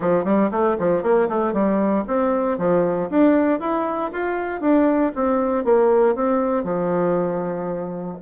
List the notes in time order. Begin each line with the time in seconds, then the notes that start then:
0.00 F3
0.24 G3
0.51 A3
0.79 F3
1.02 A#3
1.28 A3
1.53 G3
2.07 C4
2.58 F3
3.09 D4
3.60 E4
4.12 F4
4.60 D4
5.15 C4
5.64 A#3
6.15 C4
6.63 F3